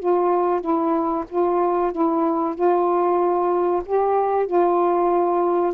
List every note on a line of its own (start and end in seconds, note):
0.00 0.61 F4
0.61 1.25 E4
1.30 1.92 F4
1.92 2.55 E4
2.55 3.83 F4
3.86 4.47 G4
4.47 5.74 F4